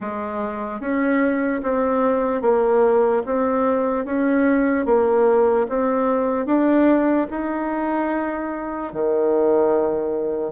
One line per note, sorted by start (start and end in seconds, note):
0.00 0.80 G#3
0.80 1.61 C#4
1.62 2.41 C4
2.41 3.22 A#3
3.25 4.05 C4
4.05 4.85 C#4
4.85 5.66 A#3
5.68 6.46 C4
6.46 7.27 D4
7.30 8.92 D#4
8.92 10.52 D#3